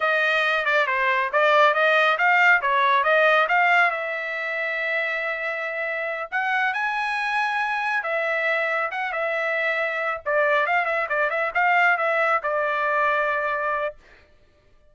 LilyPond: \new Staff \with { instrumentName = "trumpet" } { \time 4/4 \tempo 4 = 138 dis''4. d''8 c''4 d''4 | dis''4 f''4 cis''4 dis''4 | f''4 e''2.~ | e''2~ e''8 fis''4 gis''8~ |
gis''2~ gis''8 e''4.~ | e''8 fis''8 e''2~ e''8 d''8~ | d''8 f''8 e''8 d''8 e''8 f''4 e''8~ | e''8 d''2.~ d''8 | }